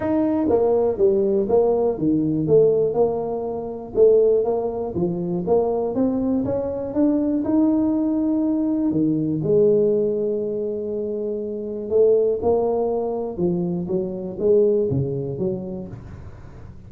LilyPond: \new Staff \with { instrumentName = "tuba" } { \time 4/4 \tempo 4 = 121 dis'4 ais4 g4 ais4 | dis4 a4 ais2 | a4 ais4 f4 ais4 | c'4 cis'4 d'4 dis'4~ |
dis'2 dis4 gis4~ | gis1 | a4 ais2 f4 | fis4 gis4 cis4 fis4 | }